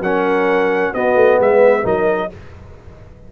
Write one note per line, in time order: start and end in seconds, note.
0.00 0.92 F#3
0.00 0.94 C#4
0.00 0.94 A#4
0.00 0.94 F#5
0.94 1.15 B3
0.94 1.83 B3
0.94 1.40 F#4
0.94 1.40 D#5
1.15 1.38 A3
1.39 1.85 G#3
1.39 1.84 B4
1.39 1.86 E5
1.83 2.31 F#3
1.83 2.29 D#4
1.83 2.30 A#4
1.83 2.32 D#5